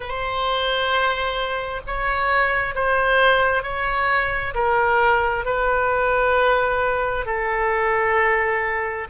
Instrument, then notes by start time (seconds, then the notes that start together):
oboe
0.00 C5
1.86 C#5
2.74 C5
3.62 C#5
4.54 A#4
5.45 B4
7.25 A4